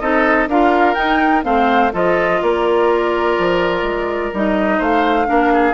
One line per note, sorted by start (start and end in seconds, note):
0.00 0.47 C4
0.00 0.49 D#4
0.00 0.49 A4
0.00 0.48 D#5
0.47 0.95 D4
0.47 0.96 F4
0.47 1.45 A#4
0.47 0.94 F5
0.94 1.43 D#4
0.94 1.44 D#4
0.94 1.42 G5
1.43 1.92 A3
1.43 1.91 C4
1.43 1.93 C5
1.43 1.92 F5
1.93 2.41 F3
1.93 4.33 F4
1.93 2.41 A4
1.93 2.42 D#5
2.42 3.38 A#3
2.42 4.78 A#4
2.42 4.34 D5
3.39 3.83 F3
3.83 4.31 G#3
4.34 4.80 G3
4.34 5.25 D#4
4.34 4.82 D#5
4.78 5.28 A3
4.78 5.26 C5
4.78 5.74 F5
5.25 5.74 A#3
5.25 5.73 D4
5.25 5.53 A#4
5.53 5.74 G#4